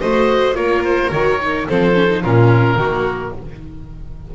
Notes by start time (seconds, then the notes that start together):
0.00 A3 F#4 C5 D#5
0.54 A#3 F4 A#4 C#5
0.84 C5
1.12 D#3 F#4 C#5
1.41 D#4
1.69 F3 C4 A4 C5
1.94 C#4
2.10 D#4
2.23 A#2 C#4 F4 A#4
2.76 D#3 A#3 F#4